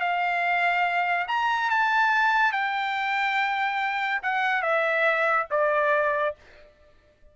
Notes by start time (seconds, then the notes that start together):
0.00 F5
1.28 A#5
1.70 A5
2.52 G5
4.23 F#5
4.62 E5
5.51 D5